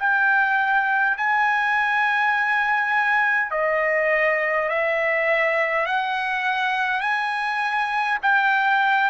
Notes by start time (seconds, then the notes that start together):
0.00 G5
1.17 G#5
3.51 D#5
4.69 E5
5.86 F#5
7.01 G#5
8.22 G5